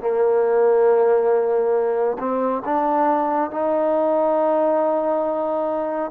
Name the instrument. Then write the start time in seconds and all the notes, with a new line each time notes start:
trombone
0.00 A#3
2.19 C4
2.65 D4
3.51 D#4